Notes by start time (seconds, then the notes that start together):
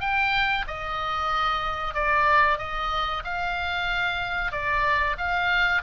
0.00 G5
0.67 D#5
1.94 D5
2.58 D#5
3.24 F5
4.51 D5
5.17 F5